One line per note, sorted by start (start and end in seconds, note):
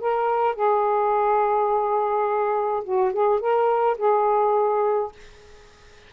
0.00 0.55 A#4
0.55 2.84 G#4
2.84 3.12 F#4
3.12 3.40 G#4
3.40 3.97 A#4
3.98 5.12 G#4